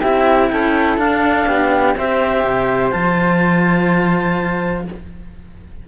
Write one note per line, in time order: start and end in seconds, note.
0.00 0.51 C4
0.00 0.98 E4
0.00 0.48 G4
0.00 0.48 E5
0.48 0.97 C#4
0.48 1.48 A4
0.48 0.97 G5
0.97 1.45 D4
0.97 1.95 D4
0.97 1.95 F5
1.47 1.95 B3
1.47 1.96 G4
1.95 2.44 C4
1.95 2.91 G4
1.95 4.87 C5
1.95 2.90 E5
2.44 2.92 C3
2.90 4.87 F3
2.90 4.85 F4
2.90 4.84 A5